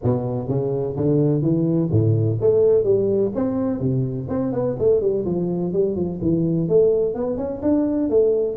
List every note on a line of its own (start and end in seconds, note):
0.03 0.48 B2
0.48 0.95 C#3
0.96 1.42 D3
1.42 1.89 E3
1.91 2.39 A2
2.40 2.84 A3
2.84 3.31 G3
3.34 3.79 C4
3.79 4.27 C3
4.28 4.52 C4
4.52 4.76 B3
4.79 5.00 A3
5.00 5.24 G3
5.25 5.73 F3
5.73 5.95 G3
5.95 6.19 F3
6.21 6.68 E3
6.68 7.14 A3
7.14 7.37 B3
7.37 7.61 C#4
7.62 8.09 D4
8.09 8.56 A3